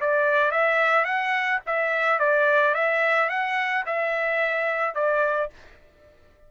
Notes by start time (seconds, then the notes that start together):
0.00 D5
0.51 E5
1.05 F#5
1.66 E5
2.19 D5
2.74 E5
3.29 F#5
3.86 E5
4.94 D5